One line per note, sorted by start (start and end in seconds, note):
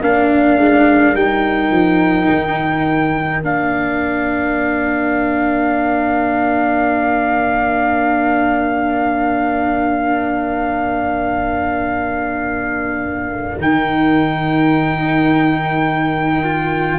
0.00 0.58 A#3
0.00 1.15 D4
0.00 16.98 A#4
0.00 1.16 F5
0.58 1.13 G#3
1.13 1.70 G3
1.13 3.42 D#4
1.13 3.42 G5
1.71 2.28 F3
2.29 3.42 D#3
3.42 13.58 A#3
3.42 13.60 D4
3.42 13.62 F5
13.58 16.98 D#3
13.58 16.43 D#4
13.58 16.99 G5
16.43 16.99 F4